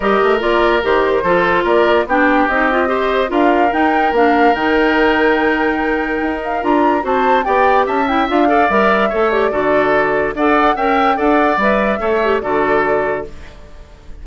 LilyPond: <<
  \new Staff \with { instrumentName = "flute" } { \time 4/4 \tempo 4 = 145 dis''4 d''4 c''2 | d''4 g''4 dis''2 | f''4 g''4 f''4 g''4~ | g''2.~ g''8 f''8 |
ais''4 a''4 g''4 a''8 g''8 | f''4 e''4. d''4.~ | d''4 fis''4 g''4 fis''4 | e''2 d''2 | }
  \new Staff \with { instrumentName = "oboe" } { \time 4/4 ais'2. a'4 | ais'4 g'2 c''4 | ais'1~ | ais'1~ |
ais'4 c''4 d''4 e''4~ | e''8 d''4. cis''4 a'4~ | a'4 d''4 e''4 d''4~ | d''4 cis''4 a'2 | }
  \new Staff \with { instrumentName = "clarinet" } { \time 4/4 g'4 f'4 g'4 f'4~ | f'4 d'4 dis'8 f'8 g'4 | f'4 dis'4 d'4 dis'4~ | dis'1 |
f'4 fis'4 g'4. e'8 | f'8 a'8 ais'4 a'8 g'8 fis'4~ | fis'4 a'4 ais'4 a'4 | b'4 a'8 g'8 fis'2 | }
  \new Staff \with { instrumentName = "bassoon" } { \time 4/4 g8 a8 ais4 dis4 f4 | ais4 b4 c'2 | d'4 dis'4 ais4 dis4~ | dis2. dis'4 |
d'4 c'4 b4 cis'4 | d'4 g4 a4 d4~ | d4 d'4 cis'4 d'4 | g4 a4 d2 | }
>>